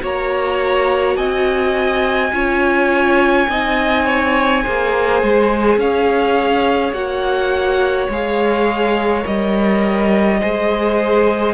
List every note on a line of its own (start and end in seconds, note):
0.00 1.16 A#3
0.00 2.31 F#4
0.00 1.17 C#5
0.00 1.17 A#5
1.16 2.32 C4
1.16 2.32 D#5
1.16 5.78 G#5
2.32 3.48 C#4
2.32 3.48 F4
2.32 3.50 C#5
3.49 4.64 C4
3.49 4.64 D#4
3.49 4.06 D#5
4.06 4.63 C#5
4.63 5.23 A#3
4.63 6.94 G#4
4.63 5.79 C5
5.23 5.77 G#3
5.77 6.93 C#4
5.77 10.40 C#5
5.77 6.93 F5
6.93 8.08 A#3
6.93 8.09 F#4
6.93 8.09 F#5
8.09 9.25 G#3
8.09 9.21 G#4
8.09 9.26 F5
9.21 10.42 G3
9.21 10.37 A#4
9.21 11.54 D#5
10.40 11.54 G#3
10.40 11.54 G#4
10.40 11.54 C5